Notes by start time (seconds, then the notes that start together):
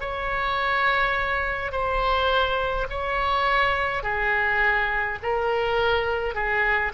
0.00 C#5
1.72 C5
2.90 C#5
4.03 G#4
5.22 A#4
6.35 G#4